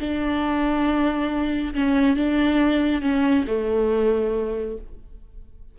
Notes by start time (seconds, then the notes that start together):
0.00 D4
1.75 C#4
2.17 D4
3.02 C#4
3.47 A3